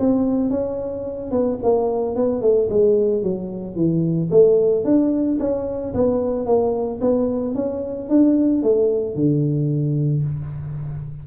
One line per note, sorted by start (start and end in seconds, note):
0.00 0.50 C4
0.50 1.31 C#4
1.31 1.58 B3
1.63 2.15 A#3
2.15 2.42 B3
2.42 2.69 A3
2.70 3.23 G#3
3.23 3.76 F#3
3.76 4.30 E3
4.31 4.84 A3
4.84 5.38 D4
5.40 5.94 C#4
5.94 6.46 B3
6.46 7.00 A#3
7.01 7.55 B3
7.55 8.09 C#4
8.09 8.63 D4
8.63 9.15 A3
9.15 10.24 D3